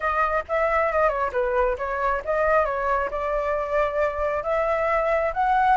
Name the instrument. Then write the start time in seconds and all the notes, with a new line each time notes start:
flute
0.00 D#5
0.48 E5
0.92 D#5
1.08 C#5
1.32 B4
1.77 C#5
2.24 D#5
2.65 C#5
3.10 D5
4.43 E5
5.33 F#5